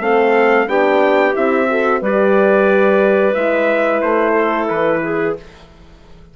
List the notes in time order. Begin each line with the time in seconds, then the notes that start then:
0.00 A3 C4 A4 F5
0.67 B3 D4 G4 G5
1.33 C4 E4 E5
1.69 F#4 A4
2.01 G3 G4 B4 D5
3.34 G#3 E4 E5
4.02 A3 C5
4.33 A4
4.69 E3 B4
5.03 G#4